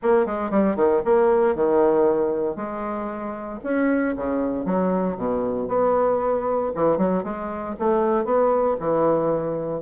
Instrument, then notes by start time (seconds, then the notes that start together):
bassoon
0.02 A#3
0.26 G#3
0.50 G3
0.76 D#3
1.05 A#3
1.55 D#3
2.56 G#3
3.63 C#4
4.16 C#3
4.65 F#3
5.17 B2
5.68 B3
6.75 E3
6.97 F#3
7.23 G#3
7.79 A3
8.24 B3
8.79 E3